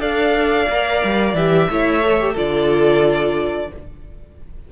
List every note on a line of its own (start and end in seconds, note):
0.00 0.67 D4
0.00 0.67 A4
0.00 1.69 D5
0.00 1.36 F5
0.69 1.03 A#3
0.69 1.36 A#4
1.04 1.34 G3
1.34 1.68 E3
1.34 1.69 G4
1.34 2.37 E5
1.70 2.37 A3
1.70 2.03 E4
1.70 2.33 C#5
2.03 2.20 A4
2.20 2.36 G4
2.33 3.72 D3
2.33 3.71 F4
2.33 3.68 A4
2.33 3.72 D5